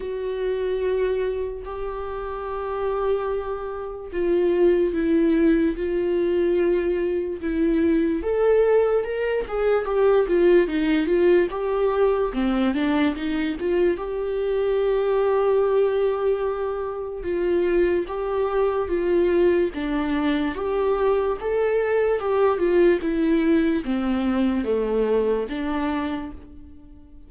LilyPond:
\new Staff \with { instrumentName = "viola" } { \time 4/4 \tempo 4 = 73 fis'2 g'2~ | g'4 f'4 e'4 f'4~ | f'4 e'4 a'4 ais'8 gis'8 | g'8 f'8 dis'8 f'8 g'4 c'8 d'8 |
dis'8 f'8 g'2.~ | g'4 f'4 g'4 f'4 | d'4 g'4 a'4 g'8 f'8 | e'4 c'4 a4 d'4 | }